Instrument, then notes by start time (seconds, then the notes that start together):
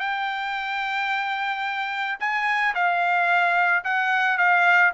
trumpet
0.00 G5
2.20 G#5
2.75 F5
3.85 F#5
4.38 F5